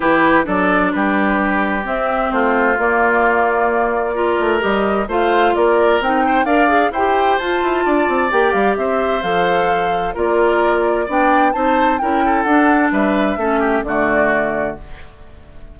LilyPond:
<<
  \new Staff \with { instrumentName = "flute" } { \time 4/4 \tempo 4 = 130 b'4 d''4 b'2 | e''4 c''4 d''2~ | d''2 dis''4 f''4 | d''4 g''4 f''4 g''4 |
a''2 g''8 f''8 e''4 | f''2 d''2 | g''4 a''4 g''4 fis''4 | e''2 d''2 | }
  \new Staff \with { instrumentName = "oboe" } { \time 4/4 g'4 a'4 g'2~ | g'4 f'2.~ | f'4 ais'2 c''4 | ais'4. c''8 d''4 c''4~ |
c''4 d''2 c''4~ | c''2 ais'2 | d''4 c''4 ais'8 a'4. | b'4 a'8 g'8 fis'2 | }
  \new Staff \with { instrumentName = "clarinet" } { \time 4/4 e'4 d'2. | c'2 ais2~ | ais4 f'4 g'4 f'4~ | f'4 dis'4 ais'8 gis'8 g'4 |
f'2 g'2 | a'2 f'2 | d'4 dis'4 e'4 d'4~ | d'4 cis'4 a2 | }
  \new Staff \with { instrumentName = "bassoon" } { \time 4/4 e4 fis4 g2 | c'4 a4 ais2~ | ais4. a8 g4 a4 | ais4 c'4 d'4 e'4 |
f'8 e'8 d'8 c'8 ais8 g8 c'4 | f2 ais2 | b4 c'4 cis'4 d'4 | g4 a4 d2 | }
>>